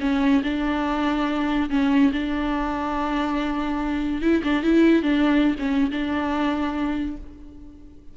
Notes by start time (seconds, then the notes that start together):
0.00 C#4
0.43 D4
1.70 C#4
2.13 D4
4.22 E4
4.44 D4
4.63 E4
5.03 D4
5.59 C#4
5.91 D4